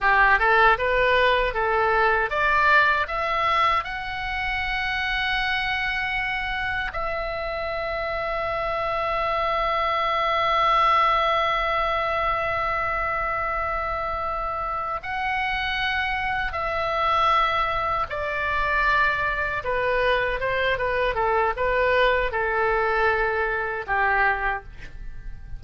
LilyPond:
\new Staff \with { instrumentName = "oboe" } { \time 4/4 \tempo 4 = 78 g'8 a'8 b'4 a'4 d''4 | e''4 fis''2.~ | fis''4 e''2.~ | e''1~ |
e''2.~ e''8 fis''8~ | fis''4. e''2 d''8~ | d''4. b'4 c''8 b'8 a'8 | b'4 a'2 g'4 | }